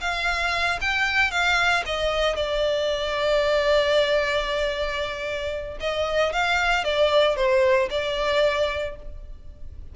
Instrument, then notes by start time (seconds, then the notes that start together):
violin
0.00 F5
0.81 G5
1.30 F5
1.85 D#5
2.35 D5
5.80 D#5
6.32 F5
6.84 D5
7.36 C5
7.90 D5